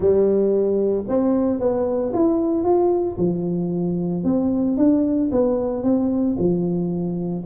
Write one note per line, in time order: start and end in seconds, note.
0.00 1.04 G3
1.07 1.59 C4
1.59 2.12 B3
2.13 2.64 E4
2.64 3.17 F4
3.17 4.23 F3
4.24 4.77 C4
4.77 5.30 D4
5.31 5.83 B3
5.83 6.36 C4
6.38 7.44 F3